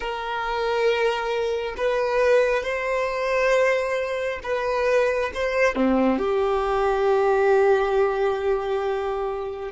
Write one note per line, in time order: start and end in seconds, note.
0.00 1.75 A#4
1.77 2.63 B4
2.63 4.39 C5
4.43 5.31 B4
5.34 5.76 C5
5.76 6.18 C4
6.18 9.71 G4